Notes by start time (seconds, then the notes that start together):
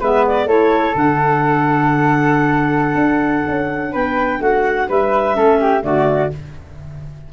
0.00 G#3 B3 B4 E5
0.27 D5
0.45 A3 E4 A4 C#5
0.95 D3 D4 F#5
2.95 D4
3.48 C#4
3.92 B3 B4 G5
4.40 A3 F#4 F#5
4.89 G3 B4 E5
5.34 A3 C#4 A4
5.60 G4
5.82 D3 A3 F#4 D5